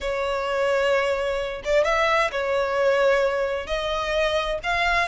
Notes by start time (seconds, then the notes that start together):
0.01 C#5
1.64 D5
1.84 E5
2.31 C#5
3.66 D#5
4.63 F5